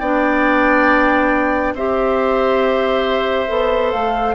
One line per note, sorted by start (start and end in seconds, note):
0.00 1.74 B3
0.00 1.77 D4
0.00 1.74 D5
0.00 1.74 G5
1.74 3.48 C4
1.74 3.48 G4
1.74 4.35 C5
1.74 3.92 E5
3.48 3.93 B3
3.48 4.35 A4
3.92 4.35 A3
3.92 4.35 F5